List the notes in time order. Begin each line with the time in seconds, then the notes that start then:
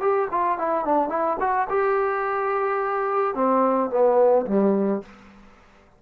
0.00 G4
0.31 F4
0.58 E4
0.85 D4
1.09 E4
1.40 F#4
1.69 G4
3.34 C4
3.90 B3
4.46 G3